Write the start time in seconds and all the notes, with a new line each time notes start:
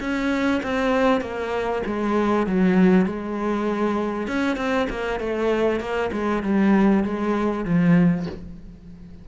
0.00 C#4
0.63 C4
1.21 A#3
1.86 G#3
2.47 F#3
3.06 G#3
4.27 C#4
4.57 C4
4.90 A#3
5.20 A3
5.80 A#3
6.12 G#3
6.43 G3
7.04 G#3
7.65 F3